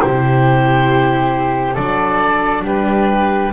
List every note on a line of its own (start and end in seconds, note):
0.00 1.77 C3
0.00 1.76 E4
0.00 1.74 G4
0.00 1.75 C5
1.74 2.65 F#3
1.74 3.53 D4
1.74 2.62 A4
1.74 2.64 D5
2.65 3.53 G3
2.65 3.53 G4
2.65 3.53 B4